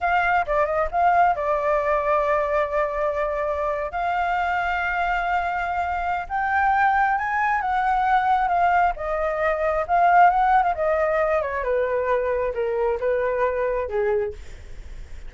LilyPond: \new Staff \with { instrumentName = "flute" } { \time 4/4 \tempo 4 = 134 f''4 d''8 dis''8 f''4 d''4~ | d''1~ | d''8. f''2.~ f''16~ | f''2 g''2 |
gis''4 fis''2 f''4 | dis''2 f''4 fis''8. f''16 | dis''4. cis''8 b'2 | ais'4 b'2 gis'4 | }